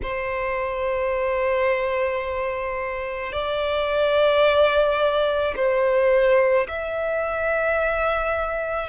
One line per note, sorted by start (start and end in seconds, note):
0.02 3.32 C5
3.32 5.54 D5
5.56 6.67 C5
6.68 8.88 E5